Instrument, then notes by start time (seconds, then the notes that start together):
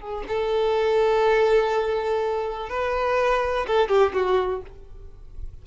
violin
0.00 G#4
0.27 A4
2.69 B4
3.67 A4
3.88 G4
4.13 F#4